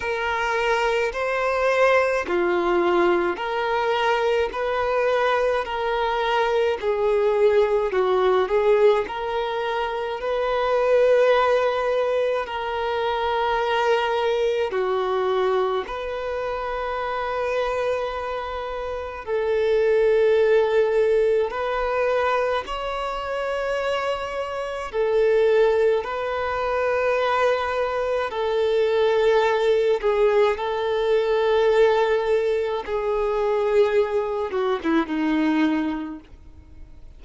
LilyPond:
\new Staff \with { instrumentName = "violin" } { \time 4/4 \tempo 4 = 53 ais'4 c''4 f'4 ais'4 | b'4 ais'4 gis'4 fis'8 gis'8 | ais'4 b'2 ais'4~ | ais'4 fis'4 b'2~ |
b'4 a'2 b'4 | cis''2 a'4 b'4~ | b'4 a'4. gis'8 a'4~ | a'4 gis'4. fis'16 e'16 dis'4 | }